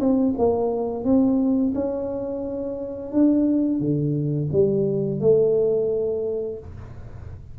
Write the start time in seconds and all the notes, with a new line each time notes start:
0.00 C4
0.38 A#3
1.04 C4
1.74 C#4
3.12 D4
3.80 D3
4.52 G3
5.20 A3